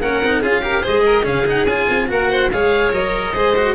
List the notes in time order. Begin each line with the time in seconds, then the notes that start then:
0.00 A#3 C#4 A#4 F#5
0.22 C4 D#4
0.41 C#4 F4 G#4 F5
0.62 G4 A#4
0.82 G#3 G#4 C5 D#5
1.05 A#4
1.22 C#3 C#4 G#4 F5
1.46 D#4 F#5
1.65 C#4 F4 G#5
1.89 C4
2.08 A#3 F#4 A#4 F#5
2.30 C5
2.51 G#3 G#4 C#5 F5
2.91 F#3 A#4 D#5
3.33 G#3 G#4 C5
3.56 F#4